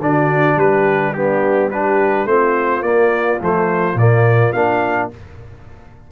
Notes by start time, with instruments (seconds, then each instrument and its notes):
0.00 tuba D3, trombone D4, horn F#4, trumpet D5
0.57 tuba G3, horn G4, trumpet B4
1.14 trombone B3, horn D4, trumpet G4
1.71 trombone D4, horn G4, trumpet B4
2.26 tuba A3, trombone C4, horn F4, trumpet C5
2.82 tuba A#3, trombone A#3, trumpet D5
3.41 tuba F3, trombone A3, trumpet C5
3.95 tuba A#2, trombone A#3, trumpet D5
4.53 tuba A#3, trombone D4, trumpet F5